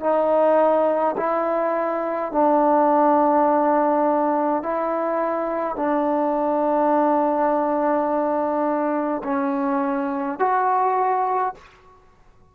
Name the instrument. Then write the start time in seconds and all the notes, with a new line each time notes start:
trombone
0.00 D#4
1.16 E4
2.31 D4
4.63 E4
5.76 D4
9.24 C#4
10.39 F#4